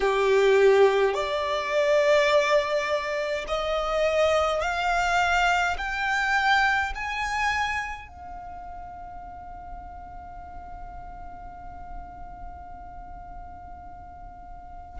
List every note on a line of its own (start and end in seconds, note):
0.00 1.14 G4
1.14 3.45 D5
3.47 4.61 D#5
4.61 5.76 F5
5.77 6.92 G5
6.94 8.08 G#5
8.08 14.99 F5